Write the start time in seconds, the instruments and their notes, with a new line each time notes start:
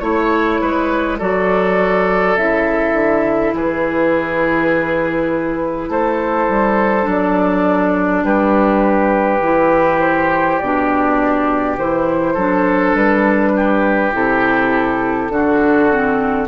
0.00 bassoon A3, clarinet E4, flute C#5, oboe C#5
0.61 bassoon G#3, oboe B4
1.19 bassoon F#3, clarinet F#4, oboe A4, flute D5
2.37 bassoon C#3, clarinet E4, flute E5
2.93 bassoon D3
3.54 bassoon E3, oboe G#4, flute B4
5.89 bassoon A3, oboe A4, flute C5
6.49 bassoon G3
7.03 bassoon F#3, clarinet D4
7.10 flute D5
8.23 bassoon G3, oboe G4, flute B4
9.41 bassoon E3, clarinet E4
10.00 flute C5
10.59 bassoon B2, clarinet D4, flute D5
11.78 bassoon E3, clarinet E4, flute C5
12.34 bassoon F#3, clarinet D4, oboe A4
12.95 bassoon G3, flute B4
13.56 oboe G4
14.13 bassoon C3, clarinet E4, flute A4
15.29 bassoon D3, clarinet D4, oboe F#4
15.91 clarinet C4